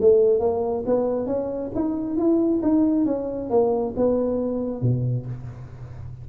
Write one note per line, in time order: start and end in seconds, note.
0.00 0.39 A3
0.39 0.84 A#3
0.86 1.26 B3
1.26 1.71 C#4
1.74 2.16 D#4
2.16 2.61 E4
2.62 3.05 D#4
3.05 3.50 C#4
3.50 3.94 A#3
3.96 4.81 B3
4.81 5.26 B2